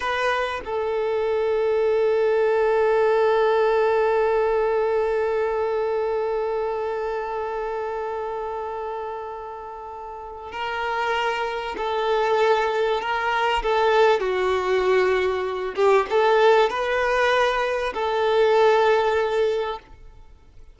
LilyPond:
\new Staff \with { instrumentName = "violin" } { \time 4/4 \tempo 4 = 97 b'4 a'2.~ | a'1~ | a'1~ | a'1~ |
a'4 ais'2 a'4~ | a'4 ais'4 a'4 fis'4~ | fis'4. g'8 a'4 b'4~ | b'4 a'2. | }